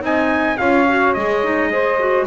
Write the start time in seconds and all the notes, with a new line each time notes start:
0.00 C4 D#4 D#5 G#5
0.57 C#4 F4 C#5 F5
0.88 F#4
1.14 G#3 G#4 D#5
1.43 D#4
1.71 G#4 C5
1.99 F#4